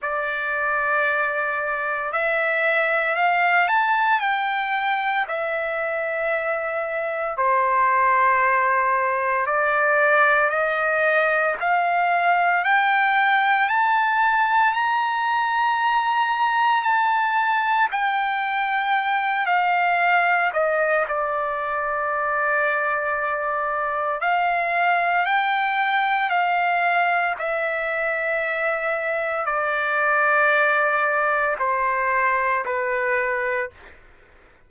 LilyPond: \new Staff \with { instrumentName = "trumpet" } { \time 4/4 \tempo 4 = 57 d''2 e''4 f''8 a''8 | g''4 e''2 c''4~ | c''4 d''4 dis''4 f''4 | g''4 a''4 ais''2 |
a''4 g''4. f''4 dis''8 | d''2. f''4 | g''4 f''4 e''2 | d''2 c''4 b'4 | }